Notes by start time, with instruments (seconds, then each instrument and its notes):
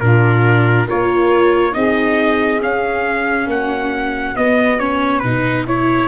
0.00 tuba A#2, viola D4, saxophone F4, trumpet A#4
0.87 tuba A#3, viola F4, saxophone A#4, trumpet C#5
1.72 tuba C4, viola D#4, saxophone G#4, trumpet D#5
2.62 tuba C#4, viola C#4, trumpet F5
3.46 tuba A#3, saxophone F#4, trumpet F#5
4.35 viola B3, tuba B3, trumpet D#5
4.79 viola C#4, trumpet C#5
5.19 tuba B2, viola D#4, trumpet B4
5.67 viola E4, trumpet C#5